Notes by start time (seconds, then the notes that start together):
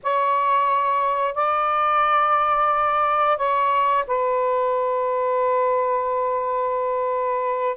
0.03 C#5
1.35 D5
3.37 C#5
4.07 B4